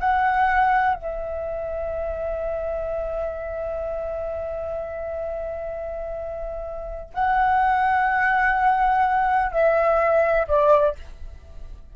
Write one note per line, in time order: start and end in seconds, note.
0.00 0.95 F#5
0.95 7.14 E5
7.14 9.52 F#5
9.52 10.47 E5
10.48 10.96 D5